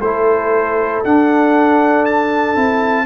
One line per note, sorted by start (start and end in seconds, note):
0.00 1.02 A3
0.00 1.05 E4
0.00 3.05 A4
0.00 1.02 C5
1.04 2.56 D4
1.04 2.55 D4
1.04 2.05 F#5
2.05 3.06 A5
2.55 3.06 C4
2.55 3.06 E4